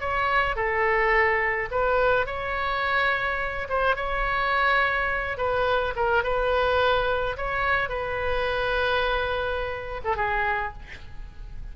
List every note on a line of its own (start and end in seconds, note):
0.00 0.56 C#5
0.56 1.69 A4
1.71 2.26 B4
2.26 3.68 C#5
3.69 3.96 C5
3.96 5.37 C#5
5.37 5.94 B4
5.96 6.23 A#4
6.23 7.37 B4
7.37 7.89 C#5
7.89 10.01 B4
10.04 10.16 A4
10.16 10.73 G#4